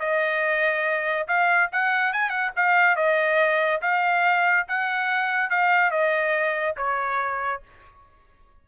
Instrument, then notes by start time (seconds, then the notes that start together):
trumpet
0.00 D#5
1.28 F5
1.72 F#5
2.13 G#5
2.30 F#5
2.56 F5
2.97 D#5
3.82 F5
4.68 F#5
5.51 F5
5.91 D#5
6.77 C#5